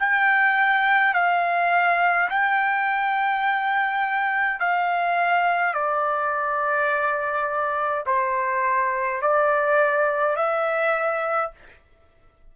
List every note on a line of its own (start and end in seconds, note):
0.00 1.14 G5
1.14 2.29 F5
2.30 4.60 G5
4.60 5.74 F5
5.74 8.05 D5
8.07 9.22 C5
9.22 10.36 D5
10.36 11.52 E5